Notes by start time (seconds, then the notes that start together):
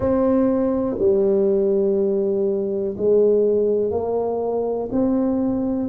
0.00 C4
0.98 G3
2.97 G#3
3.90 A#3
4.91 C4